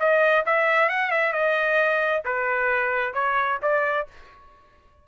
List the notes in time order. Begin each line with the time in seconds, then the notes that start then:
0.00 D#5
0.46 E5
0.89 F#5
1.11 E5
1.33 D#5
2.26 B4
3.14 C#5
3.63 D5